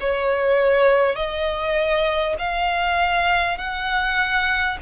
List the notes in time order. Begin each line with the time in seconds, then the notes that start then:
0.00 C#5
1.16 D#5
2.38 F5
3.58 F#5